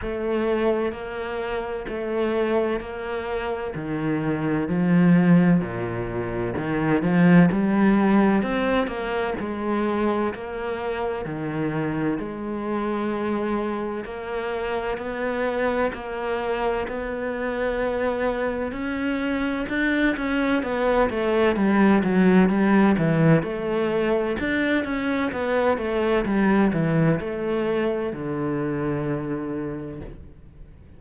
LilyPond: \new Staff \with { instrumentName = "cello" } { \time 4/4 \tempo 4 = 64 a4 ais4 a4 ais4 | dis4 f4 ais,4 dis8 f8 | g4 c'8 ais8 gis4 ais4 | dis4 gis2 ais4 |
b4 ais4 b2 | cis'4 d'8 cis'8 b8 a8 g8 fis8 | g8 e8 a4 d'8 cis'8 b8 a8 | g8 e8 a4 d2 | }